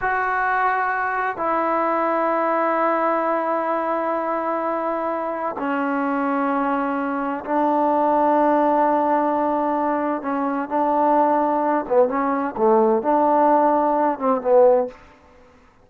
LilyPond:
\new Staff \with { instrumentName = "trombone" } { \time 4/4 \tempo 4 = 129 fis'2. e'4~ | e'1~ | e'1 | cis'1 |
d'1~ | d'2 cis'4 d'4~ | d'4. b8 cis'4 a4 | d'2~ d'8 c'8 b4 | }